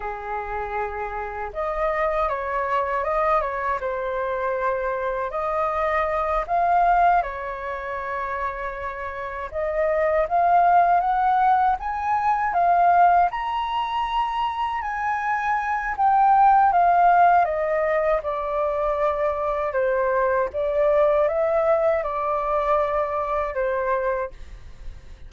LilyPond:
\new Staff \with { instrumentName = "flute" } { \time 4/4 \tempo 4 = 79 gis'2 dis''4 cis''4 | dis''8 cis''8 c''2 dis''4~ | dis''8 f''4 cis''2~ cis''8~ | cis''8 dis''4 f''4 fis''4 gis''8~ |
gis''8 f''4 ais''2 gis''8~ | gis''4 g''4 f''4 dis''4 | d''2 c''4 d''4 | e''4 d''2 c''4 | }